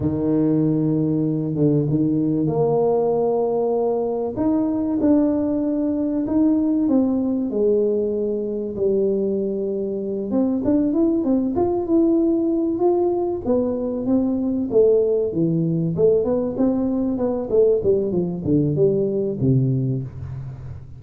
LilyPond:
\new Staff \with { instrumentName = "tuba" } { \time 4/4 \tempo 4 = 96 dis2~ dis8 d8 dis4 | ais2. dis'4 | d'2 dis'4 c'4 | gis2 g2~ |
g8 c'8 d'8 e'8 c'8 f'8 e'4~ | e'8 f'4 b4 c'4 a8~ | a8 e4 a8 b8 c'4 b8 | a8 g8 f8 d8 g4 c4 | }